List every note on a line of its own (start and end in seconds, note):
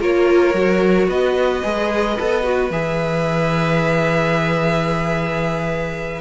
0.00 0.54 A#3
0.00 0.54 F4
0.00 1.08 A#4
0.00 1.09 C#5
0.54 1.08 F#3
0.54 1.63 F#4
1.08 1.62 B3
1.08 6.21 B4
1.08 2.72 D#5
1.63 2.18 G#3
1.63 2.17 G#4
2.19 2.70 B3
2.19 2.43 A4
2.43 2.70 F#4
2.70 6.21 E3
2.70 6.21 G#4
2.70 6.21 E5